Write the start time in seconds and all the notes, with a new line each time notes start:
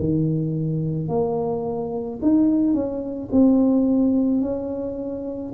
0.00 D#3
1.09 A#3
2.22 D#4
2.74 C#4
3.32 C4
4.42 C#4